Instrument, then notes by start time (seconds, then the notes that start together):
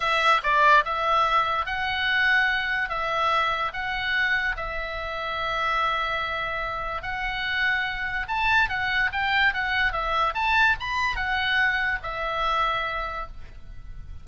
oboe
0.00 E5
0.43 D5
0.84 E5
1.66 F#5
2.89 E5
3.73 F#5
4.56 E5
7.02 F#5
8.28 A5
8.69 F#5
9.12 G5
9.53 F#5
9.92 E5
10.34 A5
10.79 B5
11.16 F#5
12.03 E5